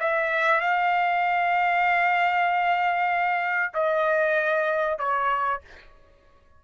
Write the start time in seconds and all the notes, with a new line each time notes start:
0.00 E5
0.61 F5
3.74 D#5
4.99 C#5